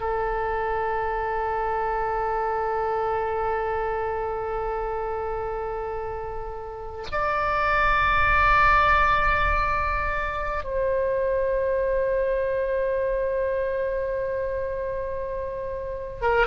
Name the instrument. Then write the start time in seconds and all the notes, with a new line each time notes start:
oboe
0.00 A4
7.11 D5
10.64 C5
16.21 A#4